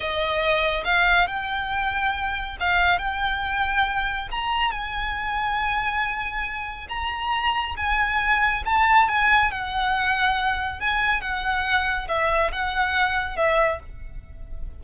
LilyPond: \new Staff \with { instrumentName = "violin" } { \time 4/4 \tempo 4 = 139 dis''2 f''4 g''4~ | g''2 f''4 g''4~ | g''2 ais''4 gis''4~ | gis''1 |
ais''2 gis''2 | a''4 gis''4 fis''2~ | fis''4 gis''4 fis''2 | e''4 fis''2 e''4 | }